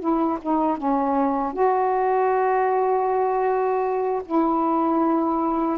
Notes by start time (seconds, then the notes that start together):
0.00 E4
0.42 D#4
0.78 C#4
1.53 F#4
4.26 E4